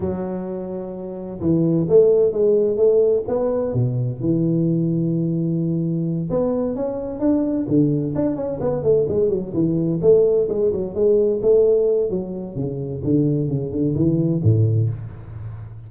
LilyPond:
\new Staff \with { instrumentName = "tuba" } { \time 4/4 \tempo 4 = 129 fis2. e4 | a4 gis4 a4 b4 | b,4 e2.~ | e4. b4 cis'4 d'8~ |
d'8 d4 d'8 cis'8 b8 a8 gis8 | fis8 e4 a4 gis8 fis8 gis8~ | gis8 a4. fis4 cis4 | d4 cis8 d8 e4 a,4 | }